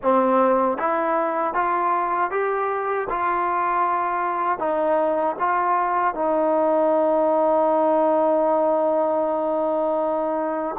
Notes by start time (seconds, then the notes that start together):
0.02 C4
0.77 E4
1.54 F4
2.30 G4
3.09 F4
4.58 D#4
5.39 F4
6.14 D#4